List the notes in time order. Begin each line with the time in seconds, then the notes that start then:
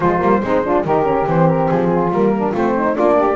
0.00 F3 G#3 F4 C5
0.19 G3 A#3
0.43 G#3 C4 D#4
0.64 D4 F4
0.84 D#3 D#4 G4 A#4
1.03 C#4
1.26 E3 C4 C5
1.48 A#4
1.68 F3 G#4
1.90 F4
2.10 G3 A#3 A#4
2.36 D4
2.51 A3 C4 F4 C5
2.76 D#4
2.94 A#3 D4 F4 D5
3.16 G4